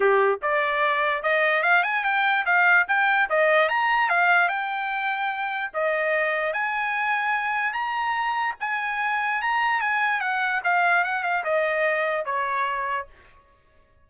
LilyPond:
\new Staff \with { instrumentName = "trumpet" } { \time 4/4 \tempo 4 = 147 g'4 d''2 dis''4 | f''8 gis''8 g''4 f''4 g''4 | dis''4 ais''4 f''4 g''4~ | g''2 dis''2 |
gis''2. ais''4~ | ais''4 gis''2 ais''4 | gis''4 fis''4 f''4 fis''8 f''8 | dis''2 cis''2 | }